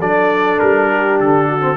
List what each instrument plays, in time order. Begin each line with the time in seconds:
0.00 tuba F#3, trombone D4, horn A4, trumpet D5
0.59 tuba G3, trumpet A#4
0.89 horn G4
1.20 tuba D3, trumpet A4
1.48 horn F#4
1.61 trombone C4